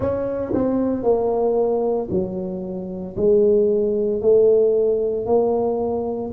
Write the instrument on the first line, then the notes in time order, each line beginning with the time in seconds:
tuba
0.00 C#4
0.53 C4
1.03 A#3
2.10 F#3
3.16 G#3
4.21 A3
5.25 A#3